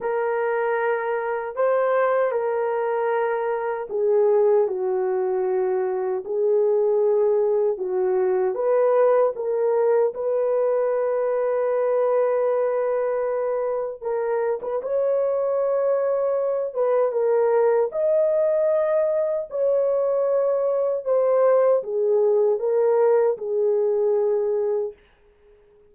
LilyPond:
\new Staff \with { instrumentName = "horn" } { \time 4/4 \tempo 4 = 77 ais'2 c''4 ais'4~ | ais'4 gis'4 fis'2 | gis'2 fis'4 b'4 | ais'4 b'2.~ |
b'2 ais'8. b'16 cis''4~ | cis''4. b'8 ais'4 dis''4~ | dis''4 cis''2 c''4 | gis'4 ais'4 gis'2 | }